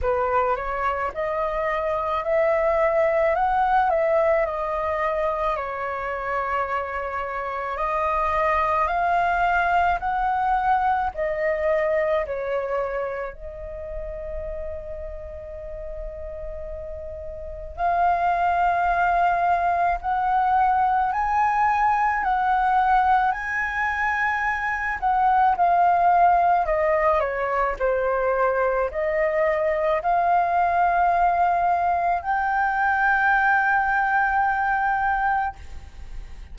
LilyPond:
\new Staff \with { instrumentName = "flute" } { \time 4/4 \tempo 4 = 54 b'8 cis''8 dis''4 e''4 fis''8 e''8 | dis''4 cis''2 dis''4 | f''4 fis''4 dis''4 cis''4 | dis''1 |
f''2 fis''4 gis''4 | fis''4 gis''4. fis''8 f''4 | dis''8 cis''8 c''4 dis''4 f''4~ | f''4 g''2. | }